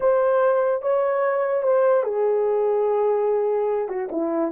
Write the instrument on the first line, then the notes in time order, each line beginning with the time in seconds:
horn
0.00 C5
0.81 C#5
1.62 C5
2.03 G#4
3.88 F#4
4.11 E4